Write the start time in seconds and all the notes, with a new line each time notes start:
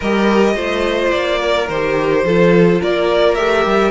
0.00 G3 G4 A#4 D#5
0.55 A3 F4 C5
1.11 A#3 D5
1.40 A#4
1.68 D#3 G4 C5
2.24 F3 F4 A4
2.81 A#3 A#4 D5
3.35 A3 G4 E5
3.65 G3